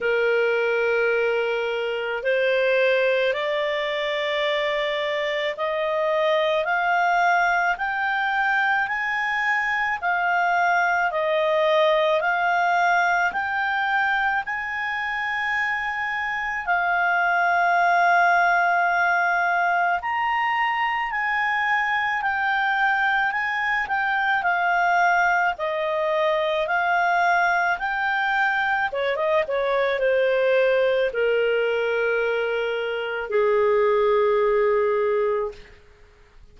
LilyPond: \new Staff \with { instrumentName = "clarinet" } { \time 4/4 \tempo 4 = 54 ais'2 c''4 d''4~ | d''4 dis''4 f''4 g''4 | gis''4 f''4 dis''4 f''4 | g''4 gis''2 f''4~ |
f''2 ais''4 gis''4 | g''4 gis''8 g''8 f''4 dis''4 | f''4 g''4 cis''16 dis''16 cis''8 c''4 | ais'2 gis'2 | }